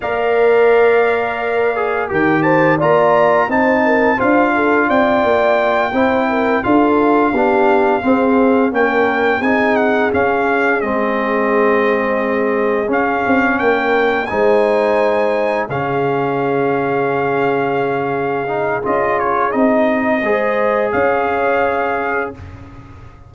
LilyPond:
<<
  \new Staff \with { instrumentName = "trumpet" } { \time 4/4 \tempo 4 = 86 f''2. g''8 a''8 | ais''4 a''4 f''4 g''4~ | g''4. f''2~ f''8~ | f''8 g''4 gis''8 fis''8 f''4 dis''8~ |
dis''2~ dis''8 f''4 g''8~ | g''8 gis''2 f''4.~ | f''2. dis''8 cis''8 | dis''2 f''2 | }
  \new Staff \with { instrumentName = "horn" } { \time 4/4 d''2. ais'8 c''8 | d''4 c''8 ais'8 c''8 a'8 d''4~ | d''8 c''8 ais'8 a'4 g'4 gis'8~ | gis'8 ais'4 gis'2~ gis'8~ |
gis'2.~ gis'8 ais'8~ | ais'8 c''2 gis'4.~ | gis'1~ | gis'4 c''4 cis''2 | }
  \new Staff \with { instrumentName = "trombone" } { \time 4/4 ais'2~ ais'8 gis'8 g'4 | f'4 dis'4 f'2~ | f'8 e'4 f'4 d'4 c'8~ | c'8 cis'4 dis'4 cis'4 c'8~ |
c'2~ c'8 cis'4.~ | cis'8 dis'2 cis'4.~ | cis'2~ cis'8 dis'8 f'4 | dis'4 gis'2. | }
  \new Staff \with { instrumentName = "tuba" } { \time 4/4 ais2. dis4 | ais4 c'4 d'4 c'8 ais8~ | ais8 c'4 d'4 b4 c'8~ | c'8 ais4 c'4 cis'4 gis8~ |
gis2~ gis8 cis'8 c'8 ais8~ | ais8 gis2 cis4.~ | cis2. cis'4 | c'4 gis4 cis'2 | }
>>